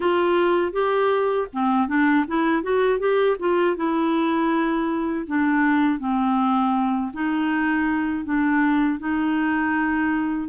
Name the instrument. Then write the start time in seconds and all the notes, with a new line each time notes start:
clarinet
0.00 F4
0.72 G4
1.53 C4
1.88 D4
2.27 E4
2.62 F#4
2.99 G4
3.39 F4
3.76 E4
5.27 D4
5.99 C4
7.12 D#4
8.24 D4
8.99 D#4